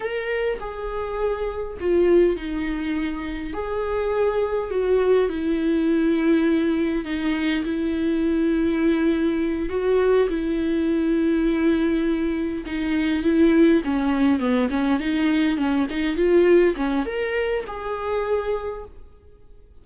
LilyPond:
\new Staff \with { instrumentName = "viola" } { \time 4/4 \tempo 4 = 102 ais'4 gis'2 f'4 | dis'2 gis'2 | fis'4 e'2. | dis'4 e'2.~ |
e'8 fis'4 e'2~ e'8~ | e'4. dis'4 e'4 cis'8~ | cis'8 b8 cis'8 dis'4 cis'8 dis'8 f'8~ | f'8 cis'8 ais'4 gis'2 | }